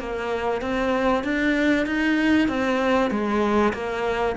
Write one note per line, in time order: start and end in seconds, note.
0.00 0.62 A#3
0.62 1.24 C4
1.24 1.86 D4
1.86 2.49 D#4
2.49 3.11 C4
3.11 3.73 G#3
3.74 4.36 A#3